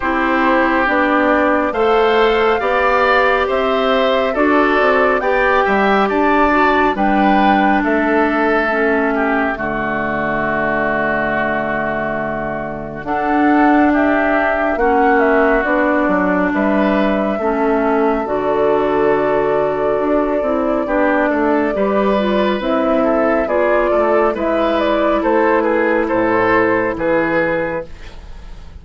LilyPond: <<
  \new Staff \with { instrumentName = "flute" } { \time 4/4 \tempo 4 = 69 c''4 d''4 f''2 | e''4 d''4 g''4 a''4 | g''4 e''2 d''4~ | d''2. fis''4 |
e''4 fis''8 e''8 d''4 e''4~ | e''4 d''2.~ | d''2 e''4 d''4 | e''8 d''8 c''8 b'8 c''4 b'4 | }
  \new Staff \with { instrumentName = "oboe" } { \time 4/4 g'2 c''4 d''4 | c''4 a'4 d''8 e''8 d''4 | b'4 a'4. g'8 fis'4~ | fis'2. a'4 |
g'4 fis'2 b'4 | a'1 | g'8 a'8 b'4. a'8 gis'8 a'8 | b'4 a'8 gis'8 a'4 gis'4 | }
  \new Staff \with { instrumentName = "clarinet" } { \time 4/4 e'4 d'4 a'4 g'4~ | g'4 fis'4 g'4. fis'8 | d'2 cis'4 a4~ | a2. d'4~ |
d'4 cis'4 d'2 | cis'4 fis'2~ fis'8 e'8 | d'4 g'8 f'8 e'4 f'4 | e'1 | }
  \new Staff \with { instrumentName = "bassoon" } { \time 4/4 c'4 b4 a4 b4 | c'4 d'8 c'8 b8 g8 d'4 | g4 a2 d4~ | d2. d'4~ |
d'4 ais4 b8 fis8 g4 | a4 d2 d'8 c'8 | b8 a8 g4 c'4 b8 a8 | gis4 a4 a,4 e4 | }
>>